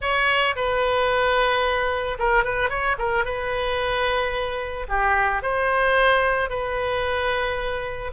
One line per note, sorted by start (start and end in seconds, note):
0.01 0.55 C#5
0.55 2.17 B4
2.18 2.43 A#4
2.43 2.69 B4
2.69 2.96 C#5
2.98 3.24 A#4
3.24 4.86 B4
4.88 5.42 G4
5.42 6.49 C5
6.49 8.11 B4